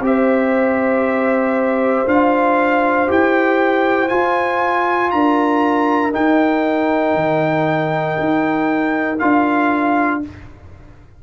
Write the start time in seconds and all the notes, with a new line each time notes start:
0.00 C4 G4
0.06 C5 E5
2.06 D4 F4 F5
3.08 E4 G4 G5
4.09 F4 G#5
5.11 D4 A#4 A#5
6.12 D#4 G5
7.14 D#3
8.19 D#4
9.19 D4 F4 F5